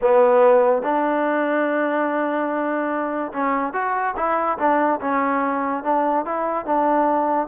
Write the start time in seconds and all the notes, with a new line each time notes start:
0.01 B3
0.82 D4
3.32 C#4
3.73 F#4
4.16 E4
4.58 D4
5.00 C#4
5.83 D4
6.25 E4
6.65 D4